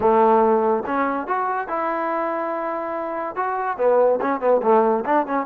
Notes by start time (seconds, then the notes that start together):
0.00 A3
0.86 C#4
1.27 F#4
1.68 E4
3.35 F#4
3.77 B3
4.21 C#4
4.40 B3
4.62 A3
5.05 D4
5.26 C#4